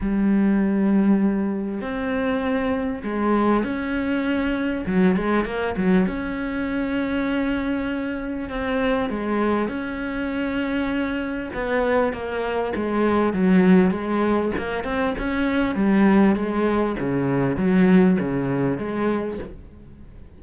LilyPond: \new Staff \with { instrumentName = "cello" } { \time 4/4 \tempo 4 = 99 g2. c'4~ | c'4 gis4 cis'2 | fis8 gis8 ais8 fis8 cis'2~ | cis'2 c'4 gis4 |
cis'2. b4 | ais4 gis4 fis4 gis4 | ais8 c'8 cis'4 g4 gis4 | cis4 fis4 cis4 gis4 | }